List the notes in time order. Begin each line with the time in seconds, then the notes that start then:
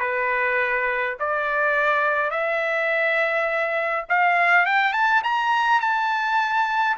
0.00 B4
1.19 D5
2.31 E5
4.09 F5
4.66 G5
4.93 A5
5.23 A#5
5.81 A5